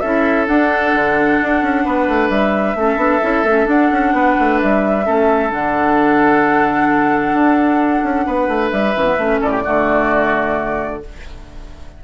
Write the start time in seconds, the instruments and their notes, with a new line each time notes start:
0.00 bassoon C#4, clarinet E4, oboe A4, flute E5
0.47 clarinet D4, bassoon D4, flute F#5
0.94 bassoon D3
1.42 bassoon D4
1.62 bassoon C#4
1.85 bassoon B3, oboe B4
2.08 bassoon A3
2.29 bassoon G3, flute E5
2.75 bassoon A3, clarinet C#4, oboe A4
2.96 bassoon B3, clarinet D4
3.22 bassoon C#4, clarinet E4
3.43 bassoon A3, clarinet C#4
3.64 clarinet D4, bassoon D4, flute F#5
3.91 bassoon C#4
4.13 bassoon B3, oboe B4
4.39 bassoon A3
4.61 bassoon G3, flute E5
5.05 bassoon A3, clarinet C#4, oboe A4
5.50 bassoon D3, clarinet D4, flute F#5
7.34 bassoon D4
8.03 bassoon C#4
8.26 bassoon B3, oboe B4
8.48 bassoon A3
8.70 bassoon G3, flute E5
8.96 bassoon E3, clarinet C#4
9.04 clarinet B3
9.18 bassoon A3, clarinet C#4
9.41 bassoon A2, oboe A4, flute D5
9.50 oboe G4
9.63 bassoon D3, clarinet A3, oboe F#4